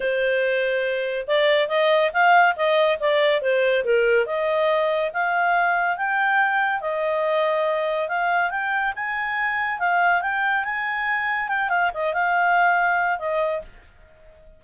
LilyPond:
\new Staff \with { instrumentName = "clarinet" } { \time 4/4 \tempo 4 = 141 c''2. d''4 | dis''4 f''4 dis''4 d''4 | c''4 ais'4 dis''2 | f''2 g''2 |
dis''2. f''4 | g''4 gis''2 f''4 | g''4 gis''2 g''8 f''8 | dis''8 f''2~ f''8 dis''4 | }